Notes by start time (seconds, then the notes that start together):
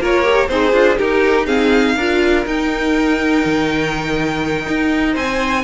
0.00 A#3 F4 A#4 C#5
0.24 G4
0.49 C4 D#4 G#4 C5
0.72 D4 F4
0.98 D#4 G4 A#4
1.47 C4 G#4 F5
1.97 D4 F4 A#4
2.46 D#4 G5
3.45 D#3
4.68 D#4
5.13 C4 C5 G#5